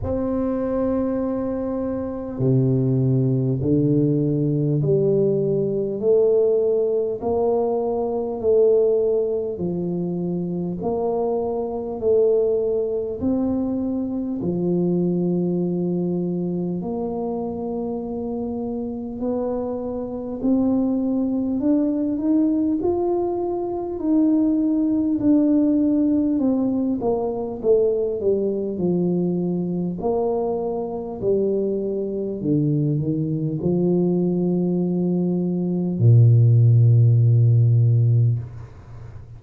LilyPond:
\new Staff \with { instrumentName = "tuba" } { \time 4/4 \tempo 4 = 50 c'2 c4 d4 | g4 a4 ais4 a4 | f4 ais4 a4 c'4 | f2 ais2 |
b4 c'4 d'8 dis'8 f'4 | dis'4 d'4 c'8 ais8 a8 g8 | f4 ais4 g4 d8 dis8 | f2 ais,2 | }